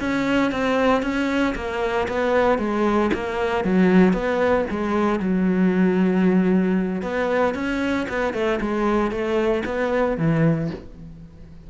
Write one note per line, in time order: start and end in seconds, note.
0.00 0.52 C#4
0.52 1.03 C4
1.03 1.55 C#4
1.55 2.08 A#3
2.08 2.59 B3
2.59 3.11 G#3
3.14 3.65 A#3
3.65 4.13 F#3
4.13 4.66 B3
4.71 5.20 G#3
5.20 7.02 F#3
7.02 7.54 B3
7.55 8.07 C#4
8.09 8.34 B3
8.34 8.60 A3
8.61 9.11 G#3
9.11 9.63 A3
9.65 10.18 B3
10.18 10.70 E3